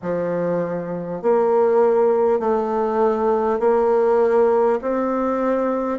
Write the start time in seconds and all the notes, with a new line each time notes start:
0.02 F3
1.22 A#3
2.39 A3
3.59 A#3
4.81 C4